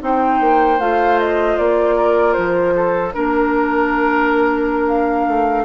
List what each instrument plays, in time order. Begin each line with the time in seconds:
0.00 bassoon C4, clarinet D#4, oboe C5, flute G5
0.40 bassoon A#3
0.79 bassoon A3, clarinet F4, flute F5
1.19 flute D#5
1.57 bassoon A#3, flute D5
1.95 oboe A#4
2.32 bassoon F3, flute C5
2.75 oboe A4
3.13 bassoon A#3, clarinet D4, oboe A#4, flute A#4
4.87 flute F5
5.27 bassoon A3